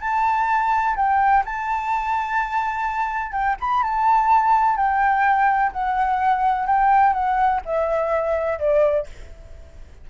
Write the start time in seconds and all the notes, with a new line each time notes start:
0.00 A5
0.96 G5
1.45 A5
3.32 G5
3.60 B5
3.82 A5
4.76 G5
5.72 F#5
6.66 G5
7.13 F#5
7.65 E5
8.58 D5